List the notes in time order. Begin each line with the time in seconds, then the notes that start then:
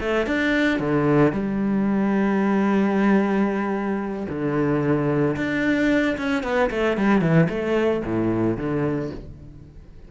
0.00 A3
0.26 D4
0.79 D3
1.32 G3
4.29 D3
5.36 D4
6.17 C#4
6.43 B3
6.70 A3
6.97 G3
7.21 E3
7.49 A3
8.05 A2
8.57 D3